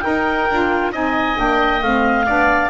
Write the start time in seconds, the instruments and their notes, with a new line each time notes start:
0.00 saxophone D#4, double bass D#4, oboe A#4, clarinet G5
0.49 double bass D4, saxophone F4
0.92 double bass C4, saxophone D#4, oboe D#5, clarinet G#5
1.36 double bass A#3, saxophone D4, clarinet G5
1.82 double bass A3, saxophone C4, clarinet F5
2.26 double bass B3, saxophone D4, oboe D5